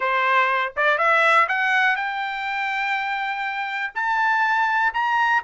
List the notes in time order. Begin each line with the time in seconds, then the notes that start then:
0.00 C5
0.76 D5
0.97 E5
1.48 F#5
1.96 G5
3.94 A5
4.93 A#5